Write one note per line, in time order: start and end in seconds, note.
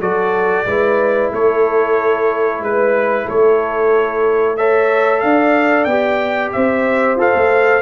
0.00 0.65 F#3
0.00 0.66 F#4
0.00 0.65 A4
0.00 1.32 D5
0.66 1.31 G#3
0.66 4.58 E4
0.66 1.32 B4
1.32 2.61 A3
1.32 2.62 A4
1.32 2.63 C#5
2.61 3.26 G#3
2.61 3.25 B4
2.61 3.28 B4
3.25 5.23 A3
3.25 4.56 A4
3.25 4.57 C#5
4.57 5.89 A4
4.57 5.23 C#5
4.57 5.20 E5
5.20 5.86 D4
5.20 6.54 D5
5.20 5.85 F5
5.85 6.51 B3
5.85 7.18 G4
5.85 6.50 G5
6.52 7.16 C4
6.52 7.82 C5
6.52 7.18 E5
7.16 7.32 F4
7.16 7.82 A4
7.16 7.82 F5
7.35 7.82 A3